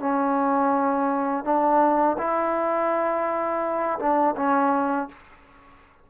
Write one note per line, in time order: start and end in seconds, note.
0.00 1.45 C#4
1.45 2.17 D4
2.19 3.99 E4
4.00 4.36 D4
4.37 5.09 C#4